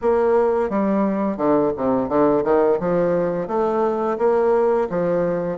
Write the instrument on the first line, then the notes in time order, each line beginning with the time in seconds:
bassoon
0.01 A#3
0.69 G3
1.37 D3
1.76 C3
2.08 D3
2.44 D#3
2.79 F3
3.47 A3
4.18 A#3
4.89 F3